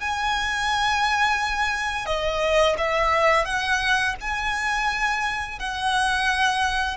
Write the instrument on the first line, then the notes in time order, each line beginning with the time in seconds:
violin
0.00 G#5
2.05 D#5
2.78 E5
3.45 F#5
4.20 G#5
5.59 F#5